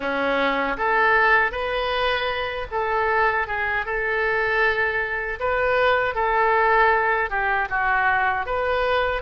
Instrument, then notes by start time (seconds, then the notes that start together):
oboe
0.00 C#4
0.77 A4
1.51 B4
2.71 A4
3.47 G#4
3.85 A4
5.39 B4
6.15 A4
7.29 G4
7.69 F#4
8.46 B4